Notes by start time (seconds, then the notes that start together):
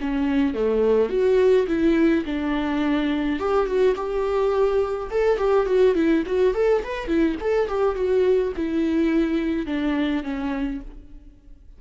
0.00 C#4
0.54 A3
1.09 F#4
1.67 E4
2.25 D4
3.39 G4
3.66 F#4
3.95 G4
5.10 A4
5.37 G4
5.66 F#4
5.95 E4
6.26 F#4
6.54 A4
6.83 B4
7.07 E4
7.40 A4
7.68 G4
7.95 F#4
8.56 E4
9.66 D4
10.23 C#4